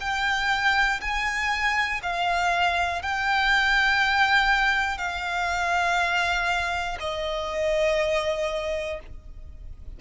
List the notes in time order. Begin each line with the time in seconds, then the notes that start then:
0.00 G5
1.01 G#5
2.03 F5
3.02 G5
4.98 F5
7.00 D#5